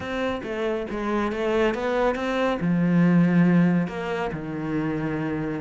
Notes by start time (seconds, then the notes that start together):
0.00 C4
0.43 A3
0.90 G#3
1.32 A3
1.74 B3
2.15 C4
2.60 F3
3.87 A#3
4.32 D#3